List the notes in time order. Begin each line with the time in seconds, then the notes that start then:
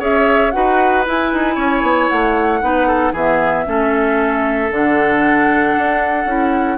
0.00 C#4 G#4 C#5 E5
0.52 D#4 F#4 B4 F#5
1.06 E4 G#5
1.33 D#4
1.55 C#4 C#5
1.82 B3
2.09 A3 F#5
2.62 B3 D#4 B4
2.87 A4
3.13 E3 B3 G#4 E5
3.66 A3 C#4 A4
4.71 D3 D4 F#5
5.78 D4
6.26 C#4 E4